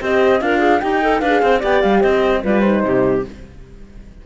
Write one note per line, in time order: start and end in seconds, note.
0.00 0.41 C4
0.00 0.41 G4
0.00 0.41 C5
0.00 0.42 D#5
0.41 0.82 D4
0.41 0.82 F4
0.41 0.59 A#4
0.41 0.80 F5
0.59 0.79 G#4
0.80 1.22 D#4
0.80 1.23 D#4
0.80 1.02 G4
0.80 1.20 G5
1.02 1.21 A4
1.20 1.42 D4
1.20 1.42 B4
1.20 1.61 F5
1.27 1.60 G#4
1.43 1.63 C4
1.43 1.60 C5
1.60 1.84 B3
1.60 2.41 G4
1.60 2.00 D5
1.60 1.82 G5
1.82 2.04 G3
1.82 2.02 F5
2.01 2.44 C4
2.01 2.41 C5
2.01 2.43 D#5
2.44 2.84 G3
2.44 2.64 F4
2.44 2.84 B4
2.44 2.61 D5
2.61 3.24 D#4
2.61 3.22 C5
2.84 3.24 C3
2.84 3.26 G4